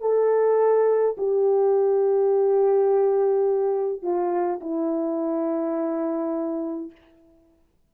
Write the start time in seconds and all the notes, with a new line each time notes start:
0.00 A4
1.17 G4
4.02 F4
4.60 E4